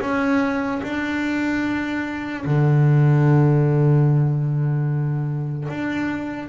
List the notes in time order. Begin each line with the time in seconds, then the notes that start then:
0.00 C#4
0.83 D4
2.45 D3
5.68 D4